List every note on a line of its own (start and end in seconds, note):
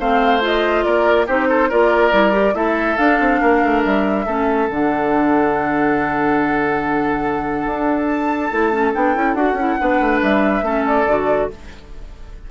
0.00 0.85 A3
0.00 0.41 C4
0.00 0.85 C5
0.00 0.43 F5
0.41 1.26 F4
0.41 0.84 D#5
0.84 1.28 A#3
0.84 1.27 A#4
0.84 1.27 D5
1.27 1.71 C4
1.27 1.71 D#4
1.27 1.48 G4
1.27 1.71 C5
1.49 1.69 A4
1.69 2.13 A#3
1.69 2.12 F4
1.69 2.54 A#4
1.69 2.55 D5
2.12 2.55 G3
2.12 2.32 E4
2.32 2.53 G4
2.54 2.97 A3
2.54 2.97 E4
2.54 3.41 A4
2.54 2.97 E5
2.97 3.20 D4
2.97 4.27 D4
2.97 3.82 F5
3.20 3.41 C4
3.41 3.63 A#3
3.41 4.26 A#4
3.63 3.85 A3
3.84 4.27 G3
3.84 4.70 E5
4.26 4.69 A3
4.26 4.70 C#4
4.26 9.79 A4
4.69 7.66 D3
4.69 8.52 D4
4.69 8.07 F#5
7.66 8.51 D4
8.07 8.92 A5
8.52 8.94 A3
8.52 8.72 E4
8.72 8.93 C#4
8.94 9.16 B3
8.94 9.15 D4
8.94 9.34 G5
9.15 9.35 C#4
9.15 9.36 E4
9.34 9.53 D4
9.34 9.57 F#4
9.34 10.19 F#5
9.53 9.75 C#4
9.53 9.79 E4
9.79 10.00 B3
9.79 10.64 D4
9.79 10.65 B4
10.00 10.21 A3
10.22 10.62 G3
10.22 10.86 E5
10.62 11.05 A3
10.62 11.07 C#4
10.62 11.50 A4
10.87 11.51 D5
11.07 11.50 D3
11.07 11.51 F#4